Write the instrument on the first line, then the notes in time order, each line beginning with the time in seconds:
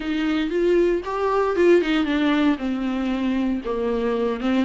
viola
0.00 D#4
0.50 F4
1.04 G4
1.56 F4
1.81 D#4
2.05 D4
2.58 C4
3.65 A#3
4.40 C4